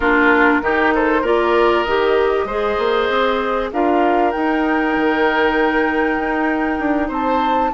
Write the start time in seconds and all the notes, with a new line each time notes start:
0.00 A#3 D4 F4 A#4
0.61 D#3 D#4 G4
0.94 A4 C5
1.21 A#3 F4 A#4 D5
1.83 D#3 G4 D#5
2.44 G#3 G#4 C5
2.78 A#3
3.09 C4
3.72 D4 F4 A#4 F5
4.31 D#4 G5
4.96 D#3
6.17 D#4
6.79 D4
7.08 C4 C5 A5